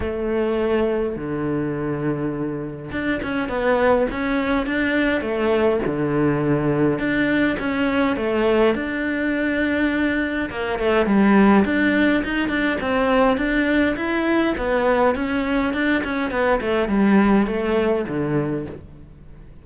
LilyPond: \new Staff \with { instrumentName = "cello" } { \time 4/4 \tempo 4 = 103 a2 d2~ | d4 d'8 cis'8 b4 cis'4 | d'4 a4 d2 | d'4 cis'4 a4 d'4~ |
d'2 ais8 a8 g4 | d'4 dis'8 d'8 c'4 d'4 | e'4 b4 cis'4 d'8 cis'8 | b8 a8 g4 a4 d4 | }